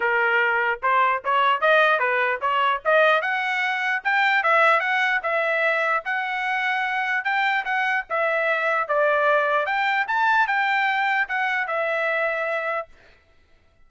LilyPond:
\new Staff \with { instrumentName = "trumpet" } { \time 4/4 \tempo 4 = 149 ais'2 c''4 cis''4 | dis''4 b'4 cis''4 dis''4 | fis''2 g''4 e''4 | fis''4 e''2 fis''4~ |
fis''2 g''4 fis''4 | e''2 d''2 | g''4 a''4 g''2 | fis''4 e''2. | }